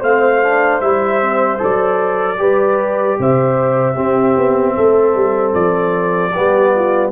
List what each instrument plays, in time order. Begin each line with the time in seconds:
0.00 tuba A3, trombone C4, horn C5, trumpet F5
0.43 trombone D4
0.80 tuba G3, trombone E4, trumpet E5
1.21 trombone C4
1.58 tuba F#3, trombone A4, trumpet D5
2.37 tuba G3, trombone G4, horn B4
3.19 tuba C3, horn C5, trumpet E5
3.95 trombone C4, tuba C4, horn G4
4.37 tuba B3
4.75 tuba A3, horn A4
5.14 tuba G3
5.53 tuba F3, trumpet D5
6.32 tuba G3, trombone B3, horn G4
6.75 horn F4